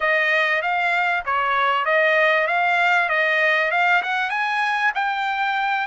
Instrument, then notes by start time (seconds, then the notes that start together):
trumpet
0.00 D#5
0.62 F5
1.25 C#5
1.85 D#5
2.47 F5
3.09 D#5
3.71 F5
4.02 F#5
4.30 G#5
4.94 G5